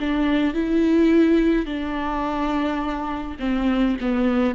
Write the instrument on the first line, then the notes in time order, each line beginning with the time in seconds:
viola
0.00 D4
0.54 E4
1.66 D4
3.39 C4
4.01 B3